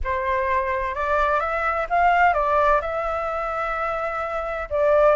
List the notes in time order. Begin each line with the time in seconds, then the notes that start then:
0.04 C5
0.94 D5
1.40 E5
1.89 F5
2.33 D5
2.81 E5
4.70 D5